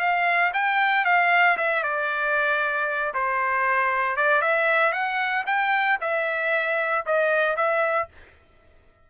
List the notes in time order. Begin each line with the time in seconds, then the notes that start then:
0.00 F5
0.54 G5
1.05 F5
1.58 E5
1.84 D5
3.15 C5
4.17 D5
4.42 E5
4.93 F#5
5.47 G5
6.01 E5
7.07 D#5
7.57 E5